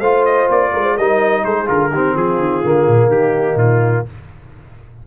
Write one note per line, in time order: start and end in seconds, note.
0.00 0.48 A3
0.00 0.99 F4
0.00 0.71 C5
0.00 0.24 F5
0.26 0.50 D#5
0.50 0.74 A#3
0.50 0.98 D5
0.74 0.98 G#3
0.74 0.83 A#4
0.83 0.95 C5
0.96 1.45 G3
0.96 1.66 D#4
0.96 1.44 A#4
0.96 1.45 D#5
1.45 1.69 G#3
1.45 1.57 A4
1.45 1.69 C5
1.57 1.92 G#4
1.66 1.92 D3
1.66 1.90 F4
1.66 2.17 A#4
1.92 2.15 D#3
1.92 2.65 C4
1.92 2.15 G4
2.15 2.39 F3
2.15 3.10 F4
2.15 3.11 G#4
2.39 2.63 D#3
2.65 2.88 D3
2.65 4.07 A#3
2.88 3.08 A#2
3.08 3.56 D#3
3.08 4.05 D#4
3.08 3.58 G4
3.56 4.03 A#2
3.56 4.06 F4